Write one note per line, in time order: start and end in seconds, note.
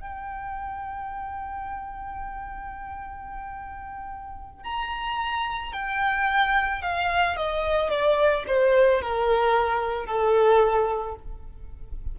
0.00 4.64 G5
4.64 5.73 A#5
5.73 6.82 G5
6.82 7.36 F5
7.36 7.90 D#5
7.90 8.44 D5
8.47 9.01 C5
9.01 10.06 A#4
10.06 11.15 A4